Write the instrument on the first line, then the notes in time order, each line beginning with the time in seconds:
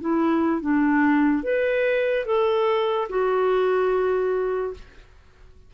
clarinet
0.00 E4
0.61 D4
1.43 B4
2.26 A4
3.09 F#4